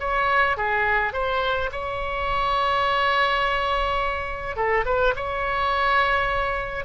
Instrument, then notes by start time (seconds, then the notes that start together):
oboe
0.00 C#5
0.58 G#4
1.13 C5
1.72 C#5
4.57 A4
4.86 B4
5.16 C#5